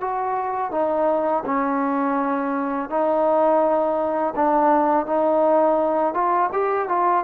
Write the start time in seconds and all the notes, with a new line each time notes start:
0.00 F#4
0.71 D#4
1.45 C#4
2.89 D#4
4.35 D4
5.05 D#4
6.13 F4
6.52 G4
6.88 F4